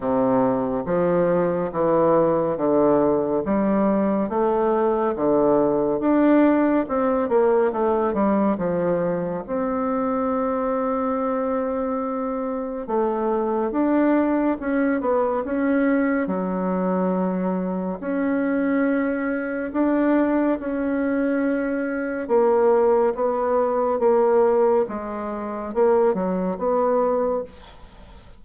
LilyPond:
\new Staff \with { instrumentName = "bassoon" } { \time 4/4 \tempo 4 = 70 c4 f4 e4 d4 | g4 a4 d4 d'4 | c'8 ais8 a8 g8 f4 c'4~ | c'2. a4 |
d'4 cis'8 b8 cis'4 fis4~ | fis4 cis'2 d'4 | cis'2 ais4 b4 | ais4 gis4 ais8 fis8 b4 | }